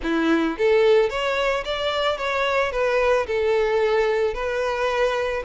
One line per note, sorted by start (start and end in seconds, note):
0.02 0.57 E4
0.58 1.09 A4
1.09 1.64 C#5
1.65 2.17 D5
2.17 2.71 C#5
2.71 3.26 B4
3.26 4.34 A4
4.34 5.43 B4